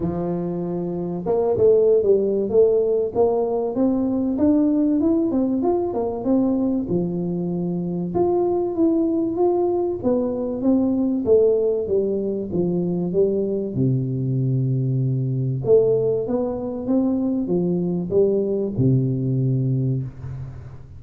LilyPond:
\new Staff \with { instrumentName = "tuba" } { \time 4/4 \tempo 4 = 96 f2 ais8 a8. g8. | a4 ais4 c'4 d'4 | e'8 c'8 f'8 ais8 c'4 f4~ | f4 f'4 e'4 f'4 |
b4 c'4 a4 g4 | f4 g4 c2~ | c4 a4 b4 c'4 | f4 g4 c2 | }